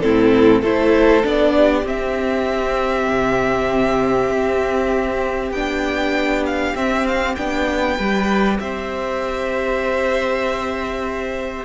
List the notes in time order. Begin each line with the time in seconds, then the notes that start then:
0.00 A2 C4 E4 A4
0.61 A3 E4 A4 C5
1.23 B3 D4 D5
1.57 G4
1.83 C4 E5
3.09 C3
4.29 C4
5.51 B3 D4 G5
6.46 F5
6.75 C4 E5
7.07 F5
7.35 B3 D4 G5
7.97 G3 G4 B4
8.59 C4 C5 E5